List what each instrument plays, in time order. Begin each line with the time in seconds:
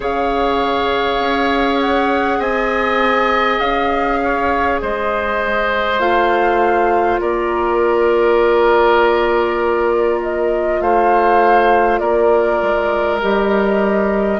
0.00 bassoon C#3, clarinet G#4, oboe C#5, flute F5
1.19 bassoon C#4
1.80 flute F#5
2.38 bassoon C4, oboe D#5, flute G#5
3.59 bassoon C#4, flute F5
4.23 oboe C#5
4.80 bassoon G#3, oboe C5, flute D#5
5.99 bassoon A3, clarinet F4, flute F5
7.20 bassoon A#3, oboe A#4, flute D5
10.21 flute D#5
10.80 bassoon A3, oboe C5, flute F5
11.98 bassoon A#3, oboe A#4, flute D5
12.62 bassoon G#3
13.21 bassoon G3, clarinet G4, flute D#5